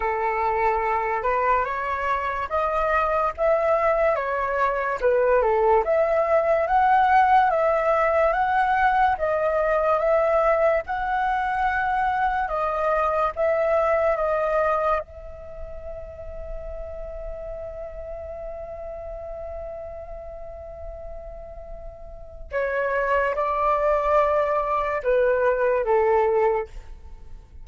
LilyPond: \new Staff \with { instrumentName = "flute" } { \time 4/4 \tempo 4 = 72 a'4. b'8 cis''4 dis''4 | e''4 cis''4 b'8 a'8 e''4 | fis''4 e''4 fis''4 dis''4 | e''4 fis''2 dis''4 |
e''4 dis''4 e''2~ | e''1~ | e''2. cis''4 | d''2 b'4 a'4 | }